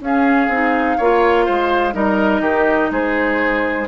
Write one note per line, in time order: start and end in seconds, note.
0.00 0.48 C#4
0.00 0.50 C#4
0.00 0.97 G#4
0.00 1.94 F5
0.48 0.96 C4
0.48 0.99 D#4
0.97 1.48 A#3
0.97 1.92 F4
0.97 1.45 C#5
1.45 1.94 G#3
1.45 1.94 C5
1.92 2.40 G3
1.92 3.86 D#4
1.92 2.41 A#4
1.92 2.91 D#5
2.40 2.89 D#3
2.40 2.90 G4
2.90 3.87 G#3
2.90 3.87 G#4
2.90 3.87 C5